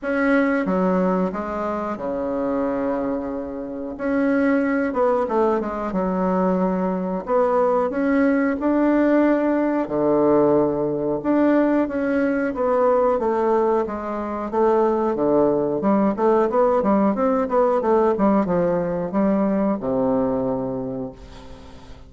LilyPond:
\new Staff \with { instrumentName = "bassoon" } { \time 4/4 \tempo 4 = 91 cis'4 fis4 gis4 cis4~ | cis2 cis'4. b8 | a8 gis8 fis2 b4 | cis'4 d'2 d4~ |
d4 d'4 cis'4 b4 | a4 gis4 a4 d4 | g8 a8 b8 g8 c'8 b8 a8 g8 | f4 g4 c2 | }